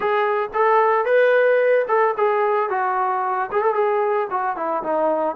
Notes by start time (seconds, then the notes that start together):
0.00 G#4
0.53 A4
1.05 B4
1.87 A4
2.17 G#4
2.69 F#4
3.51 G#4
3.62 A4
3.74 G#4
4.30 F#4
4.56 E4
4.83 D#4